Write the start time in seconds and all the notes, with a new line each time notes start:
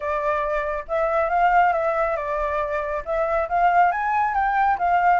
0.00 D5
0.88 E5
1.29 F5
1.73 E5
2.16 D5
3.05 E5
3.48 F5
3.91 G#5
4.34 G5
4.78 F5